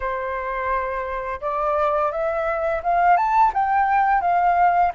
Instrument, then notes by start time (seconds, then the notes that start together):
flute
0.00 C5
1.41 D5
2.11 E5
2.83 F5
3.16 A5
3.53 G5
4.21 F5